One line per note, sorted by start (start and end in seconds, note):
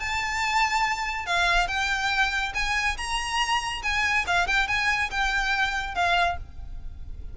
0.00 1.26 A5
1.26 1.68 F5
1.68 2.53 G5
2.55 2.97 G#5
2.97 3.83 A#5
3.83 4.26 G#5
4.27 4.47 F5
4.47 4.68 G5
4.68 5.11 G#5
5.11 5.95 G5
5.95 6.38 F5